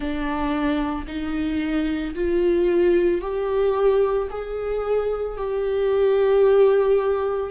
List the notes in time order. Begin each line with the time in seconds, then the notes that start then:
0.00 D4
1.07 D#4
2.14 F4
3.21 G4
4.30 G#4
5.37 G4